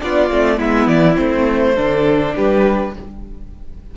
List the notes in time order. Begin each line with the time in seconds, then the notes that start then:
0.00 B3 D4 F4 D5
0.30 A3 C4
0.57 G#3 B3 E4 E5
0.87 E3 D5
1.16 A3 C4 C5
1.75 D3 D4 A4
2.36 G3 G4 B4